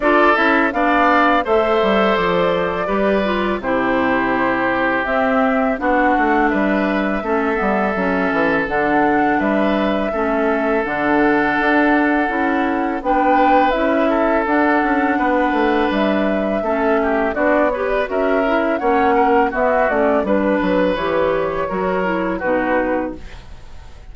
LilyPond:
<<
  \new Staff \with { instrumentName = "flute" } { \time 4/4 \tempo 4 = 83 d''8 e''8 f''4 e''4 d''4~ | d''4 c''2 e''4 | fis''4 e''2. | fis''4 e''2 fis''4~ |
fis''2 g''4 e''4 | fis''2 e''2 | d''8 cis''16 d''16 e''4 fis''4 e''8 d''8 | b'4 cis''2 b'4 | }
  \new Staff \with { instrumentName = "oboe" } { \time 4/4 a'4 d''4 c''2 | b'4 g'2. | fis'4 b'4 a'2~ | a'4 b'4 a'2~ |
a'2 b'4. a'8~ | a'4 b'2 a'8 g'8 | fis'8 b'8 ais'4 cis''8 ais'8 fis'4 | b'2 ais'4 fis'4 | }
  \new Staff \with { instrumentName = "clarinet" } { \time 4/4 f'8 e'8 d'4 a'2 | g'8 f'8 e'2 c'4 | d'2 cis'8 b8 cis'4 | d'2 cis'4 d'4~ |
d'4 e'4 d'4 e'4 | d'2. cis'4 | d'8 g'8 fis'8 e'8 cis'4 b8 cis'8 | d'4 g'4 fis'8 e'8 dis'4 | }
  \new Staff \with { instrumentName = "bassoon" } { \time 4/4 d'8 cis'8 b4 a8 g8 f4 | g4 c2 c'4 | b8 a8 g4 a8 g8 fis8 e8 | d4 g4 a4 d4 |
d'4 cis'4 b4 cis'4 | d'8 cis'8 b8 a8 g4 a4 | b4 cis'4 ais4 b8 a8 | g8 fis8 e4 fis4 b,4 | }
>>